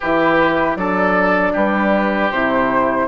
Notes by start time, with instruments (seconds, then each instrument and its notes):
0.00 bassoon E3, horn E4, oboe G4, flute B4
0.75 bassoon F#3, horn D4, oboe A4, flute D5
1.53 bassoon G3, oboe G4, flute B4
2.31 bassoon C3, horn E4, flute C5